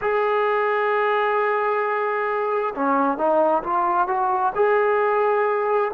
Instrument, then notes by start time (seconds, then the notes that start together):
trombone
0.01 G#4
2.75 C#4
3.17 D#4
3.63 F4
4.07 F#4
4.55 G#4